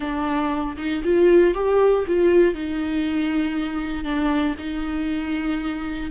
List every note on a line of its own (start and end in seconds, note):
0.00 0.76 D4
0.77 1.02 D#4
1.04 1.54 F4
1.54 2.05 G4
2.07 2.54 F4
2.54 4.04 D#4
4.04 4.55 D4
4.58 6.10 D#4